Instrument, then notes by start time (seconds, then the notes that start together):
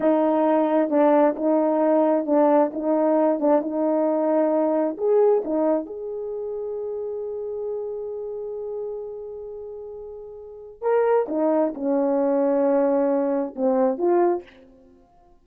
horn
0.00 D#4
0.90 D4
1.35 D#4
2.26 D4
2.73 D#4
3.39 D4
3.61 D#4
4.97 G#4
5.44 D#4
5.85 G#4
10.81 A#4
11.28 D#4
11.74 C#4
13.55 C4
13.97 F4